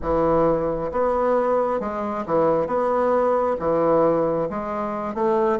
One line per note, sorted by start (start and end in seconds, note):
0.01 0.91 E3
0.91 1.80 B3
1.80 2.24 G#3
2.26 2.66 E3
2.66 3.56 B3
3.59 4.48 E3
4.49 5.14 G#3
5.14 5.59 A3